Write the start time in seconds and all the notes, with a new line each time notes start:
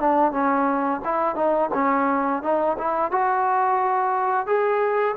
0.00 D4
0.32 C#4
1.05 E4
1.35 D#4
1.74 C#4
2.43 D#4
2.78 E4
3.11 F#4
4.47 G#4